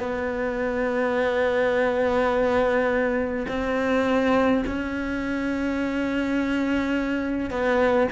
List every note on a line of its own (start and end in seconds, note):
0.00 3.46 B3
3.48 4.64 C4
4.67 7.51 C#4
7.51 8.08 B3